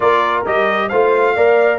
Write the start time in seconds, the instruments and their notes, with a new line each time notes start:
0.00 tuba A#3, trombone F4, horn A#4, trumpet D5
0.45 tuba G3, trombone G4, trumpet D#5
0.88 tuba A3, trombone F4, horn C5, trumpet F5
1.35 tuba A#3, trombone A#4, horn D5